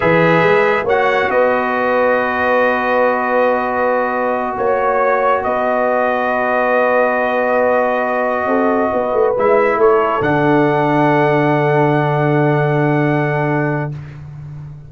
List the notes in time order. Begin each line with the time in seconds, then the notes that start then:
0.00 E3 G#4 B4 E5
0.42 G#3
0.83 A#3 F#4 C#5 F#5
1.29 B3 B4 D#5
4.57 A#3 C#5
5.43 B3 B4 D#5
8.45 C4 A4
8.91 B3 B4
9.12 A3
9.37 G#3 E4 E5
9.75 A3 A4 C#5
10.20 D3 D4 F#5